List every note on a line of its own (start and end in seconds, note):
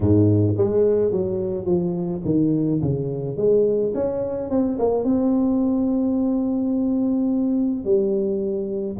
0.00 0.55 G#2
0.57 1.11 G#3
1.11 1.65 F#3
1.65 2.21 F3
2.24 2.80 D#3
2.81 3.36 C#3
3.36 3.93 G#3
3.94 4.50 C#4
4.50 4.78 C4
4.78 5.03 A#3
5.03 7.84 C4
7.84 8.96 G3